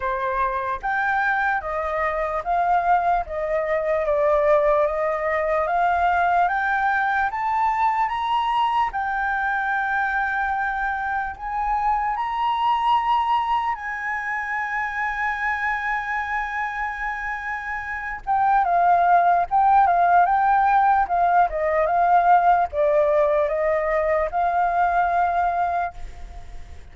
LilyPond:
\new Staff \with { instrumentName = "flute" } { \time 4/4 \tempo 4 = 74 c''4 g''4 dis''4 f''4 | dis''4 d''4 dis''4 f''4 | g''4 a''4 ais''4 g''4~ | g''2 gis''4 ais''4~ |
ais''4 gis''2.~ | gis''2~ gis''8 g''8 f''4 | g''8 f''8 g''4 f''8 dis''8 f''4 | d''4 dis''4 f''2 | }